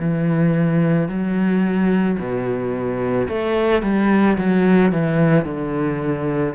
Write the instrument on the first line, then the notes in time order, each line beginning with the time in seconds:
cello
0.00 E3
1.09 F#3
2.19 B2
3.29 A3
3.83 G3
4.38 F#3
4.92 E3
5.45 D3